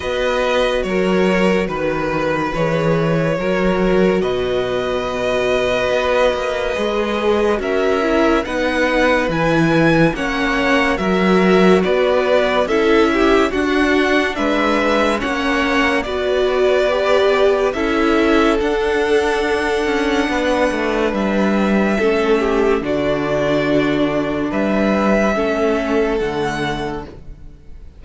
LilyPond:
<<
  \new Staff \with { instrumentName = "violin" } { \time 4/4 \tempo 4 = 71 dis''4 cis''4 b'4 cis''4~ | cis''4 dis''2.~ | dis''4 e''4 fis''4 gis''4 | fis''4 e''4 d''4 e''4 |
fis''4 e''4 fis''4 d''4~ | d''4 e''4 fis''2~ | fis''4 e''2 d''4~ | d''4 e''2 fis''4 | }
  \new Staff \with { instrumentName = "violin" } { \time 4/4 b'4 ais'4 b'2 | ais'4 b'2.~ | b'4 ais'4 b'2 | cis''4 ais'4 b'4 a'8 g'8 |
fis'4 b'4 cis''4 b'4~ | b'4 a'2. | b'2 a'8 g'8 fis'4~ | fis'4 b'4 a'2 | }
  \new Staff \with { instrumentName = "viola" } { \time 4/4 fis'2. gis'4 | fis'1 | gis'4 fis'8 e'8 dis'4 e'4 | cis'4 fis'2 e'4 |
d'2 cis'4 fis'4 | g'4 e'4 d'2~ | d'2 cis'4 d'4~ | d'2 cis'4 a4 | }
  \new Staff \with { instrumentName = "cello" } { \time 4/4 b4 fis4 dis4 e4 | fis4 b,2 b8 ais8 | gis4 cis'4 b4 e4 | ais4 fis4 b4 cis'4 |
d'4 gis4 ais4 b4~ | b4 cis'4 d'4. cis'8 | b8 a8 g4 a4 d4~ | d4 g4 a4 d4 | }
>>